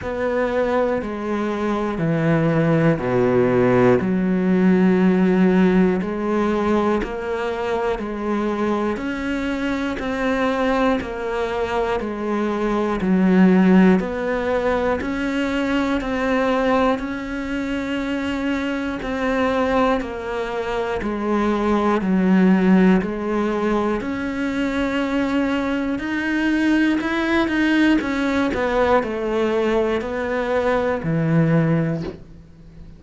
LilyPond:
\new Staff \with { instrumentName = "cello" } { \time 4/4 \tempo 4 = 60 b4 gis4 e4 b,4 | fis2 gis4 ais4 | gis4 cis'4 c'4 ais4 | gis4 fis4 b4 cis'4 |
c'4 cis'2 c'4 | ais4 gis4 fis4 gis4 | cis'2 dis'4 e'8 dis'8 | cis'8 b8 a4 b4 e4 | }